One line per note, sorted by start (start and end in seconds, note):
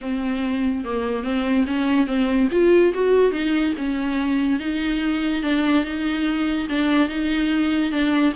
0.01 0.84 C4
0.84 1.23 A#3
1.23 1.65 C4
1.66 2.06 C#4
2.06 2.48 C4
2.51 2.93 F4
2.94 3.31 F#4
3.31 3.73 D#4
3.77 4.59 C#4
4.59 5.42 D#4
5.42 5.84 D4
5.84 6.67 D#4
6.69 7.08 D4
7.08 7.91 D#4
7.91 8.33 D4